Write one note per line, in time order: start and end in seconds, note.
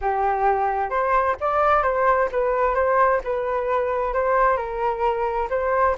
0.01 0.90 G4
0.90 1.35 C5
1.40 1.82 D5
1.82 2.28 C5
2.31 2.75 B4
2.75 3.20 C5
3.24 4.13 B4
4.13 4.56 C5
4.56 5.48 A#4
5.50 5.95 C5